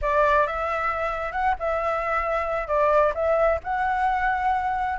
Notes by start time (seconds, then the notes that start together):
0.01 D5
0.46 E5
1.32 F#5
1.59 E5
2.67 D5
3.14 E5
3.63 F#5